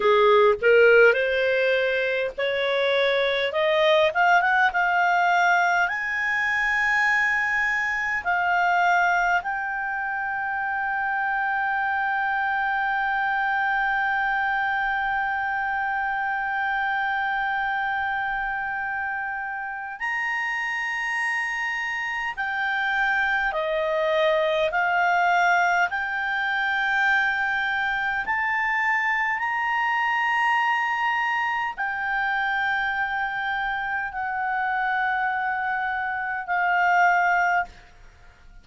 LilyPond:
\new Staff \with { instrumentName = "clarinet" } { \time 4/4 \tempo 4 = 51 gis'8 ais'8 c''4 cis''4 dis''8 f''16 fis''16 | f''4 gis''2 f''4 | g''1~ | g''1~ |
g''4 ais''2 g''4 | dis''4 f''4 g''2 | a''4 ais''2 g''4~ | g''4 fis''2 f''4 | }